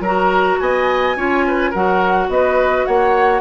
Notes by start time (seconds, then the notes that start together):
0.00 F#3 F#4 A#4 A#5
0.60 B3 D#5 G#5
1.16 C#4 F4 C#5
1.47 B4
1.70 F#3 F#4 A#4 F#5
2.28 B3 B4 D#5
2.86 A#3 C#5 F#5